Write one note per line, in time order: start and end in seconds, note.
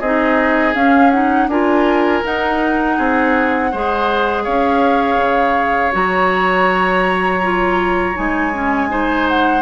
0.00 0.75 C4
0.00 0.75 D#4
0.00 1.48 G#4
0.00 0.74 D#5
0.75 1.12 C#4
0.75 1.48 C#4
0.75 1.11 F5
1.11 1.49 D#4
1.11 1.48 F#5
1.48 2.22 D4
1.48 2.24 F4
1.48 2.97 A#4
1.48 2.24 G#5
2.24 3.72 D#4
2.24 2.98 D#4
2.24 4.45 F#5
2.97 3.73 C4
2.97 3.71 G#4
3.72 4.47 G#3
3.72 5.92 G#4
3.72 4.44 C5
4.44 5.17 C#4
4.44 8.88 C#5
4.44 5.93 F5
5.17 5.91 C#3
5.92 8.16 F#3
5.92 7.40 F#4
5.92 8.17 A#5
7.43 8.15 F4
8.15 9.62 G#3
8.15 8.52 D#4
8.15 9.28 G#5
8.54 8.89 C#4
8.89 9.62 D#4
8.89 9.62 C5
9.28 9.62 F#5